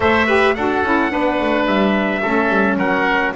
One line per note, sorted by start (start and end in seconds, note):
0.00 0.55 A3
0.00 0.27 A4
0.00 0.26 C5
0.00 0.54 E5
0.26 0.54 G4
0.26 0.54 B4
0.54 0.83 D4
0.54 0.84 F#4
0.54 1.12 A4
0.54 1.66 F#5
0.83 1.11 C#4
0.83 1.09 E4
1.09 1.40 B3
1.09 2.21 D4
1.09 2.22 B4
1.40 1.66 A3
1.66 2.21 G3
1.66 2.77 E5
2.22 2.48 A3
2.22 3.35 C#4
2.22 2.77 A4
2.48 2.76 G3
2.77 3.32 F#3
2.77 3.33 A#4
2.77 3.33 F#5